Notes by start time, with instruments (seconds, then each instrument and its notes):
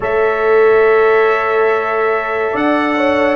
0.00 tuba A3, trombone A4, horn C#5, trumpet E5
2.52 tuba D4, horn D5, trumpet F#5
2.96 horn C#5